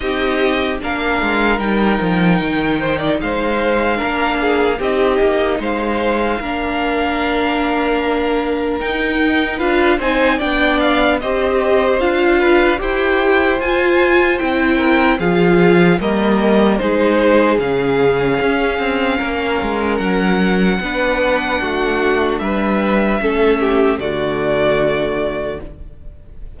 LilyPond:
<<
  \new Staff \with { instrumentName = "violin" } { \time 4/4 \tempo 4 = 75 dis''4 f''4 g''2 | f''2 dis''4 f''4~ | f''2. g''4 | f''8 gis''8 g''8 f''8 dis''4 f''4 |
g''4 gis''4 g''4 f''4 | dis''4 c''4 f''2~ | f''4 fis''2. | e''2 d''2 | }
  \new Staff \with { instrumentName = "violin" } { \time 4/4 g'4 ais'2~ ais'8 c''16 d''16 | c''4 ais'8 gis'8 g'4 c''4 | ais'1 | b'8 c''8 d''4 c''4. b'8 |
c''2~ c''8 ais'8 gis'4 | ais'4 gis'2. | ais'2 b'4 fis'4 | b'4 a'8 g'8 fis'2 | }
  \new Staff \with { instrumentName = "viola" } { \time 4/4 dis'4 d'4 dis'2~ | dis'4 d'4 dis'2 | d'2. dis'4 | f'8 dis'8 d'4 g'4 f'4 |
g'4 f'4 e'4 f'4 | ais4 dis'4 cis'2~ | cis'2 d'2~ | d'4 cis'4 a2 | }
  \new Staff \with { instrumentName = "cello" } { \time 4/4 c'4 ais8 gis8 g8 f8 dis4 | gis4 ais4 c'8 ais8 gis4 | ais2. dis'4 | d'8 c'8 b4 c'4 d'4 |
e'4 f'4 c'4 f4 | g4 gis4 cis4 cis'8 c'8 | ais8 gis8 fis4 b4 a4 | g4 a4 d2 | }
>>